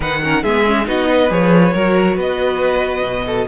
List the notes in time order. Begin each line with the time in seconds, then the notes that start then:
0.00 D#3 D#4 B4 F#5
0.22 C#4 A#4
0.42 G#3 B3 G#4 E5
0.66 C#4
0.84 B3 D#4 F#4 D#5
1.08 B4
1.29 F3 G#4 C#5
1.73 F#3 F#4 A#4
2.16 B3 B4 D#5
3.02 B2
3.26 A4